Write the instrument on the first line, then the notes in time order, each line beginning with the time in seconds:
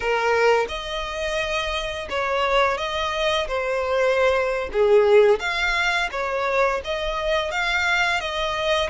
violin
0.00 A#4
0.68 D#5
2.09 C#5
2.77 D#5
3.47 C5
4.72 G#4
5.39 F5
6.11 C#5
6.84 D#5
7.51 F5
8.20 D#5